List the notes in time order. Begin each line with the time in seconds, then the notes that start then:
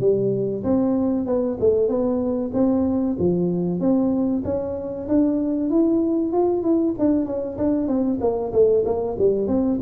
0.00 G3
0.64 C4
1.26 B3
1.60 A3
1.88 B3
2.54 C4
3.19 F3
3.80 C4
4.44 C#4
5.08 D4
5.70 E4
6.33 F4
6.63 E4
6.99 D4
7.25 C#4
7.58 D4
7.88 C4
8.21 A#3
8.52 A3
8.85 A#3
9.18 G3
9.48 C4